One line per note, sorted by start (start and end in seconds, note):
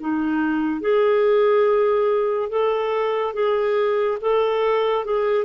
0.00 0.81 D#4
0.81 2.50 G#4
2.50 3.34 A4
3.34 4.18 G#4
4.21 5.05 A4
5.05 5.45 G#4